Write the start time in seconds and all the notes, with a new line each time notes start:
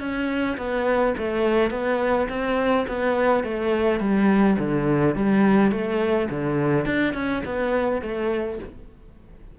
0.00 C#4
0.57 B3
1.18 A3
1.71 B3
2.29 C4
2.88 B3
3.44 A3
4.00 G3
4.59 D3
5.15 G3
5.71 A3
6.30 D3
6.85 D4
7.14 C#4
7.45 B3
8.02 A3